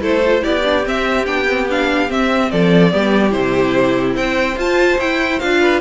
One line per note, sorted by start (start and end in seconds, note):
0.00 0.42 A3
0.00 0.21 E4
0.00 0.42 A4
0.00 0.44 C5
0.26 0.41 F4
0.41 0.87 B3
0.41 0.62 E4
0.41 2.49 G4
0.41 0.85 D5
0.64 0.84 D4
0.84 1.25 C4
0.84 1.27 C4
0.84 1.26 E5
1.26 2.10 B3
1.26 1.46 D4
1.26 1.67 G5
1.47 1.68 C4
1.69 2.08 D4
1.69 2.11 F5
2.08 2.90 C4
2.08 2.51 C4
2.08 2.51 E5
2.51 2.93 F3
2.51 2.93 A4
2.51 3.32 D5
2.90 3.33 G3
2.90 3.30 B3
2.90 4.15 G4
3.30 4.16 C3
3.30 4.54 E4
3.30 4.14 C5
4.15 4.56 C4
4.15 5.60 C5
4.15 4.58 G5
4.56 4.97 F4
4.56 4.98 F4
4.56 4.99 A5
4.98 5.39 E4
4.98 5.42 E4
4.98 5.39 G5
5.39 5.80 D4
5.39 5.80 F4
5.39 5.80 F5
5.60 5.80 B4